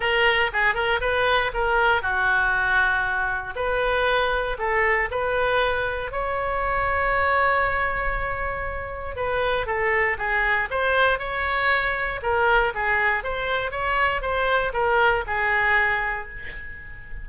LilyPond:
\new Staff \with { instrumentName = "oboe" } { \time 4/4 \tempo 4 = 118 ais'4 gis'8 ais'8 b'4 ais'4 | fis'2. b'4~ | b'4 a'4 b'2 | cis''1~ |
cis''2 b'4 a'4 | gis'4 c''4 cis''2 | ais'4 gis'4 c''4 cis''4 | c''4 ais'4 gis'2 | }